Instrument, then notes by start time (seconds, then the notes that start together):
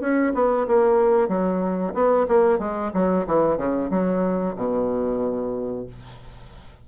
bassoon
0.00 C#4
0.34 B3
0.67 A#3
1.28 F#3
1.94 B3
2.28 A#3
2.58 G#3
2.93 F#3
3.26 E3
3.57 C#3
3.90 F#3
4.56 B2